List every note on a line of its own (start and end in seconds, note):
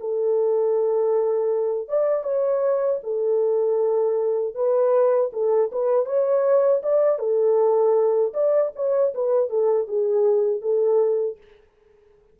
0.00 1.88 A4
1.88 2.23 D5
2.23 2.99 C#5
3.03 4.55 A4
4.55 5.31 B4
5.33 5.71 A4
5.72 6.06 B4
6.06 6.81 C#5
6.83 7.18 D5
7.18 8.32 A4
8.33 8.71 D5
8.75 9.13 C#5
9.14 9.49 B4
9.49 9.87 A4
9.87 10.62 G#4
10.62 11.38 A4